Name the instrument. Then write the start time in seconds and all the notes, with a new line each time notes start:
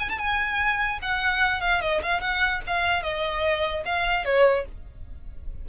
violin
0.00 G#5
0.10 A5
0.19 G#5
1.02 F#5
1.61 F5
1.82 D#5
2.03 F5
2.21 F#5
2.68 F5
3.03 D#5
3.86 F5
4.25 C#5